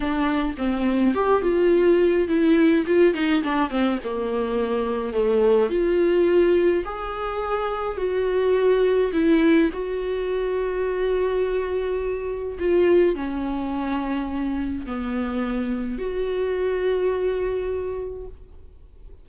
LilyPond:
\new Staff \with { instrumentName = "viola" } { \time 4/4 \tempo 4 = 105 d'4 c'4 g'8 f'4. | e'4 f'8 dis'8 d'8 c'8 ais4~ | ais4 a4 f'2 | gis'2 fis'2 |
e'4 fis'2.~ | fis'2 f'4 cis'4~ | cis'2 b2 | fis'1 | }